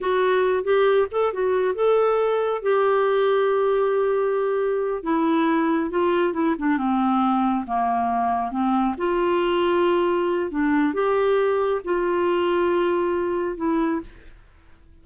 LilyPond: \new Staff \with { instrumentName = "clarinet" } { \time 4/4 \tempo 4 = 137 fis'4. g'4 a'8 fis'4 | a'2 g'2~ | g'2.~ g'8 e'8~ | e'4. f'4 e'8 d'8 c'8~ |
c'4. ais2 c'8~ | c'8 f'2.~ f'8 | d'4 g'2 f'4~ | f'2. e'4 | }